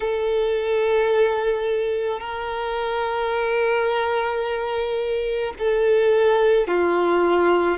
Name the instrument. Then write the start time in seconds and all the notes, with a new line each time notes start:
violin
0.00 A4
2.20 A#4
5.59 A4
6.67 F4